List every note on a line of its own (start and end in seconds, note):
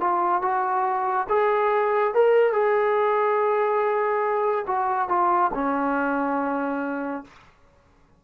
0.00 0.42 F4
0.42 1.27 F#4
1.29 2.14 G#4
2.14 2.52 A#4
2.52 4.65 G#4
4.67 5.08 F#4
5.08 5.51 F4
5.54 7.24 C#4